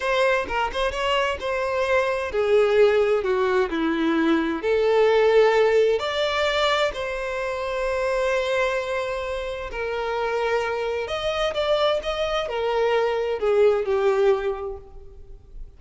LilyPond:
\new Staff \with { instrumentName = "violin" } { \time 4/4 \tempo 4 = 130 c''4 ais'8 c''8 cis''4 c''4~ | c''4 gis'2 fis'4 | e'2 a'2~ | a'4 d''2 c''4~ |
c''1~ | c''4 ais'2. | dis''4 d''4 dis''4 ais'4~ | ais'4 gis'4 g'2 | }